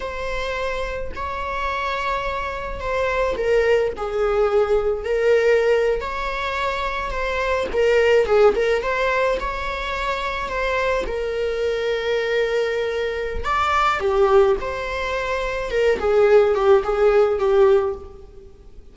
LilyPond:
\new Staff \with { instrumentName = "viola" } { \time 4/4 \tempo 4 = 107 c''2 cis''2~ | cis''4 c''4 ais'4 gis'4~ | gis'4 ais'4.~ ais'16 cis''4~ cis''16~ | cis''8. c''4 ais'4 gis'8 ais'8 c''16~ |
c''8. cis''2 c''4 ais'16~ | ais'1 | d''4 g'4 c''2 | ais'8 gis'4 g'8 gis'4 g'4 | }